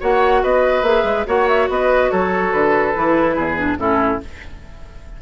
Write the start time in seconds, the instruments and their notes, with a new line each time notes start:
0.00 bassoon A#3, clarinet F#4, oboe C#5, flute F#5
0.43 bassoon B3, oboe B4, flute D#5
0.82 bassoon A#3, clarinet G#4, flute E5
1.04 bassoon G#3
1.26 bassoon A#3, clarinet F#4, oboe C#5, flute F#5
1.48 flute E5
1.69 bassoon B3, oboe B4, flute D#5
2.11 bassoon F#3, oboe A4, flute C#5
2.53 bassoon D3, flute B4
2.95 bassoon E3, clarinet E4
3.36 bassoon E2, oboe G#4
3.57 clarinet D4
3.78 bassoon A2, clarinet C#4, oboe E4, flute A4